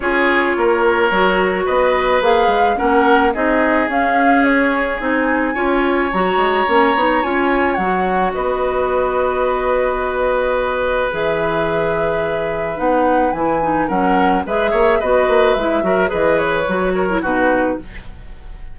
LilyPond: <<
  \new Staff \with { instrumentName = "flute" } { \time 4/4 \tempo 4 = 108 cis''2. dis''4 | f''4 fis''4 dis''4 f''4 | cis''4 gis''2 ais''4~ | ais''4 gis''4 fis''4 dis''4~ |
dis''1 | e''2. fis''4 | gis''4 fis''4 e''4 dis''4 | e''4 dis''8 cis''4. b'4 | }
  \new Staff \with { instrumentName = "oboe" } { \time 4/4 gis'4 ais'2 b'4~ | b'4 ais'4 gis'2~ | gis'2 cis''2~ | cis''2. b'4~ |
b'1~ | b'1~ | b'4 ais'4 b'8 cis''8 b'4~ | b'8 ais'8 b'4. ais'8 fis'4 | }
  \new Staff \with { instrumentName = "clarinet" } { \time 4/4 f'2 fis'2 | gis'4 cis'4 dis'4 cis'4~ | cis'4 dis'4 f'4 fis'4 | cis'8 dis'8 f'4 fis'2~ |
fis'1 | gis'2. dis'4 | e'8 dis'8 cis'4 gis'4 fis'4 | e'8 fis'8 gis'4 fis'8. e'16 dis'4 | }
  \new Staff \with { instrumentName = "bassoon" } { \time 4/4 cis'4 ais4 fis4 b4 | ais8 gis8 ais4 c'4 cis'4~ | cis'4 c'4 cis'4 fis8 gis8 | ais8 b8 cis'4 fis4 b4~ |
b1 | e2. b4 | e4 fis4 gis8 ais8 b8 ais8 | gis8 fis8 e4 fis4 b,4 | }
>>